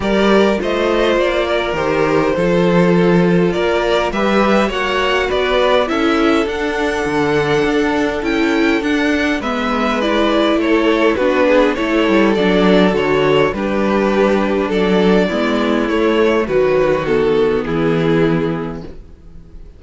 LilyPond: <<
  \new Staff \with { instrumentName = "violin" } { \time 4/4 \tempo 4 = 102 d''4 dis''4 d''4 c''4~ | c''2 d''4 e''4 | fis''4 d''4 e''4 fis''4~ | fis''2 g''4 fis''4 |
e''4 d''4 cis''4 b'4 | cis''4 d''4 cis''4 b'4~ | b'4 d''2 cis''4 | b'4 a'4 gis'2 | }
  \new Staff \with { instrumentName = "violin" } { \time 4/4 ais'4 c''4. ais'4. | a'2 ais'4 b'4 | cis''4 b'4 a'2~ | a'1 |
b'2 a'4 fis'8 gis'8 | a'2. g'4~ | g'4 a'4 e'2 | fis'2 e'2 | }
  \new Staff \with { instrumentName = "viola" } { \time 4/4 g'4 f'2 g'4 | f'2. g'4 | fis'2 e'4 d'4~ | d'2 e'4 d'4 |
b4 e'2 d'4 | e'4 d'4 fis'4 d'4~ | d'2 b4 a4 | fis4 b2. | }
  \new Staff \with { instrumentName = "cello" } { \time 4/4 g4 a4 ais4 dis4 | f2 ais4 g4 | ais4 b4 cis'4 d'4 | d4 d'4 cis'4 d'4 |
gis2 a4 b4 | a8 g8 fis4 d4 g4~ | g4 fis4 gis4 a4 | dis2 e2 | }
>>